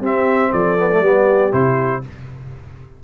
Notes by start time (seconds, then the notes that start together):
0.00 C4 G4 E5
0.52 F3 A4 D5
0.78 B3
0.91 A3
1.00 G3 B3 G4
1.51 C3 E4 C5